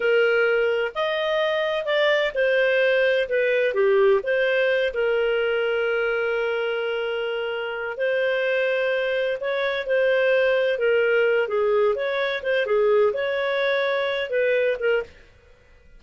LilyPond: \new Staff \with { instrumentName = "clarinet" } { \time 4/4 \tempo 4 = 128 ais'2 dis''2 | d''4 c''2 b'4 | g'4 c''4. ais'4.~ | ais'1~ |
ais'4 c''2. | cis''4 c''2 ais'4~ | ais'8 gis'4 cis''4 c''8 gis'4 | cis''2~ cis''8 b'4 ais'8 | }